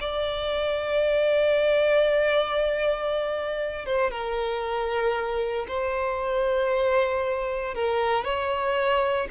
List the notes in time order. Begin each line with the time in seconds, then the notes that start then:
0.00 D5
3.86 C5
4.11 A#4
5.68 C5
7.74 A#4
8.24 C#5